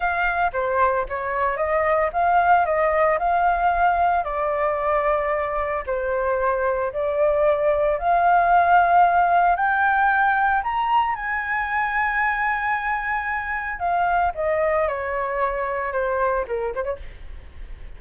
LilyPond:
\new Staff \with { instrumentName = "flute" } { \time 4/4 \tempo 4 = 113 f''4 c''4 cis''4 dis''4 | f''4 dis''4 f''2 | d''2. c''4~ | c''4 d''2 f''4~ |
f''2 g''2 | ais''4 gis''2.~ | gis''2 f''4 dis''4 | cis''2 c''4 ais'8 c''16 cis''16 | }